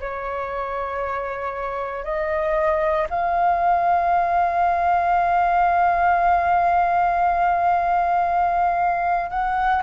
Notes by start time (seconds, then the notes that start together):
0.00 C#5
2.04 D#5
3.09 F5
9.30 F#5